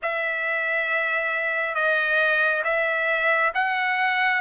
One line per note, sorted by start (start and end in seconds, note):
0.02 1.74 E5
1.74 2.62 D#5
2.64 3.52 E5
3.54 4.41 F#5